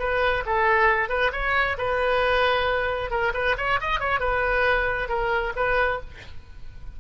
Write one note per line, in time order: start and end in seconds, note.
0.00 0.44 B4
0.46 1.09 A4
1.09 1.32 B4
1.33 1.77 C#5
1.78 3.11 B4
3.11 3.33 A#4
3.34 3.56 B4
3.58 3.80 C#5
3.81 4.00 D#5
4.00 4.20 C#5
4.20 5.09 B4
5.09 5.53 A#4
5.56 6.00 B4